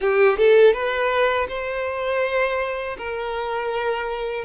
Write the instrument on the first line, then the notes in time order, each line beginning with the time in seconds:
violin
0.00 G4
0.37 A4
0.73 B4
1.48 C5
2.97 A#4